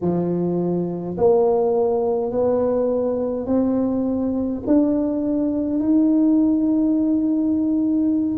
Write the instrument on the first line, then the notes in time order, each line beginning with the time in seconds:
tuba
0.01 F3
1.17 A#3
2.31 B3
3.46 C4
4.66 D4
5.80 D#4